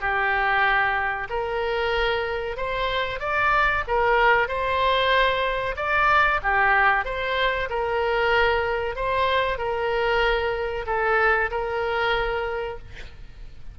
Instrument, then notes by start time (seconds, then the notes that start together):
oboe
0.00 G4
1.29 A#4
2.56 C5
3.19 D5
3.87 A#4
4.47 C5
5.76 D5
6.42 G4
7.04 C5
7.69 A#4
8.95 C5
9.57 A#4
10.86 A4
11.51 A#4